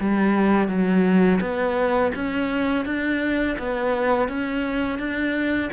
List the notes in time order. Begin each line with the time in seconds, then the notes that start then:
0.00 G3
0.68 F#3
1.41 B3
2.15 C#4
2.85 D4
3.58 B3
4.29 C#4
4.99 D4